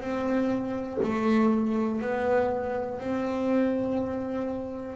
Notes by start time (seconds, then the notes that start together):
0.00 C4
1.02 A3
2.01 B3
2.99 C4